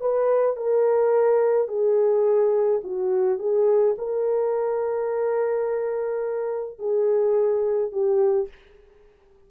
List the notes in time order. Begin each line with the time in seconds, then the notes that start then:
0.00 B4
0.57 A#4
1.68 G#4
2.84 F#4
3.39 G#4
3.98 A#4
6.79 G#4
7.92 G4